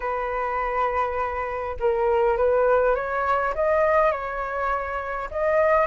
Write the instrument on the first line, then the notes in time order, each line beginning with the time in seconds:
flute
0.00 B4
1.79 A#4
2.37 B4
2.95 C#5
3.55 D#5
4.11 C#5
5.30 D#5